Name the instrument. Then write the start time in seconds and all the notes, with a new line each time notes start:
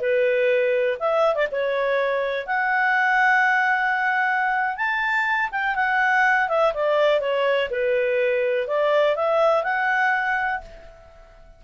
clarinet
0.00 B4
0.99 E5
1.35 D5
1.51 C#5
2.46 F#5
4.76 A5
5.51 G5
5.75 F#5
6.48 E5
6.73 D5
7.20 C#5
7.70 B4
8.67 D5
9.15 E5
9.63 F#5